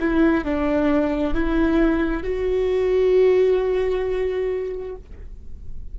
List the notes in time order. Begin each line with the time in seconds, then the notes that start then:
0.00 E4
0.45 D4
1.34 E4
2.24 F#4